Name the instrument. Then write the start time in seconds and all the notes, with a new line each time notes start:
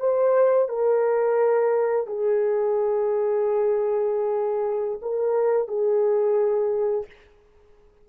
horn
0.00 C5
0.69 A#4
2.07 G#4
5.02 A#4
5.68 G#4